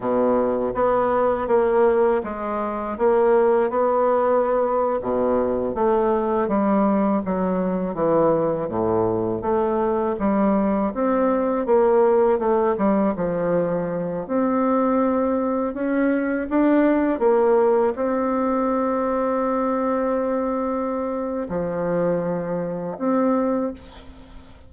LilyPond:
\new Staff \with { instrumentName = "bassoon" } { \time 4/4 \tempo 4 = 81 b,4 b4 ais4 gis4 | ais4 b4.~ b16 b,4 a16~ | a8. g4 fis4 e4 a,16~ | a,8. a4 g4 c'4 ais16~ |
ais8. a8 g8 f4. c'8.~ | c'4~ c'16 cis'4 d'4 ais8.~ | ais16 c'2.~ c'8.~ | c'4 f2 c'4 | }